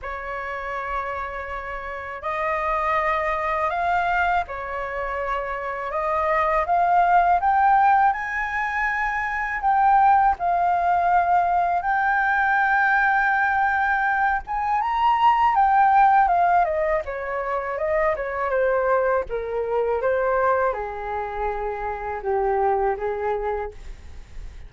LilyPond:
\new Staff \with { instrumentName = "flute" } { \time 4/4 \tempo 4 = 81 cis''2. dis''4~ | dis''4 f''4 cis''2 | dis''4 f''4 g''4 gis''4~ | gis''4 g''4 f''2 |
g''2.~ g''8 gis''8 | ais''4 g''4 f''8 dis''8 cis''4 | dis''8 cis''8 c''4 ais'4 c''4 | gis'2 g'4 gis'4 | }